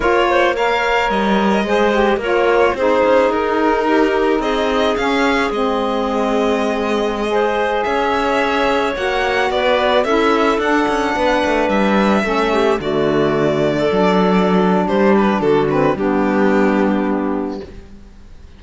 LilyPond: <<
  \new Staff \with { instrumentName = "violin" } { \time 4/4 \tempo 4 = 109 cis''4 f''4 dis''2 | cis''4 c''4 ais'2 | dis''4 f''4 dis''2~ | dis''2~ dis''16 e''4.~ e''16~ |
e''16 fis''4 d''4 e''4 fis''8.~ | fis''4~ fis''16 e''2 d''8.~ | d''2. c''8 b'8 | a'8 b'8 g'2. | }
  \new Staff \with { instrumentName = "clarinet" } { \time 4/4 ais'8 c''8 cis''2 c''4 | ais'4 gis'2 g'4 | gis'1~ | gis'4~ gis'16 c''4 cis''4.~ cis''16~ |
cis''4~ cis''16 b'4 a'4.~ a'16~ | a'16 b'2 a'8 g'8 fis'8.~ | fis'4 a'2 g'4 | fis'4 d'2. | }
  \new Staff \with { instrumentName = "saxophone" } { \time 4/4 f'4 ais'2 gis'8 g'8 | f'4 dis'2.~ | dis'4 cis'4 c'2~ | c'4~ c'16 gis'2~ gis'8.~ |
gis'16 fis'2 e'4 d'8.~ | d'2~ d'16 cis'4 a8.~ | a4~ a16 d'2~ d'8.~ | d'8 c'8 b2. | }
  \new Staff \with { instrumentName = "cello" } { \time 4/4 ais2 g4 gis4 | ais4 c'8 cis'8 dis'2 | c'4 cis'4 gis2~ | gis2~ gis16 cis'4.~ cis'16~ |
cis'16 ais4 b4 cis'4 d'8 cis'16~ | cis'16 b8 a8 g4 a4 d8.~ | d4~ d16 fis4.~ fis16 g4 | d4 g2. | }
>>